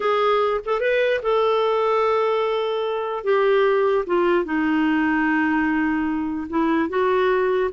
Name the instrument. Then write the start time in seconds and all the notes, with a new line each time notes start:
clarinet
0.00 G#4
0.65 A4
0.80 B4
1.22 A4
3.23 G4
4.06 F4
4.44 D#4
6.49 E4
6.89 F#4